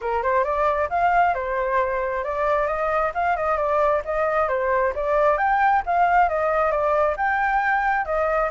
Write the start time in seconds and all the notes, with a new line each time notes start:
0.01 A#4
0.22 C5
0.44 D5
0.89 F5
1.34 C5
2.24 D5
2.67 D#5
3.14 F5
3.36 D#5
3.57 D5
4.04 D#5
4.48 C5
4.95 D5
5.37 G5
5.85 F5
6.28 D#5
6.71 D5
7.16 G5
8.05 D#5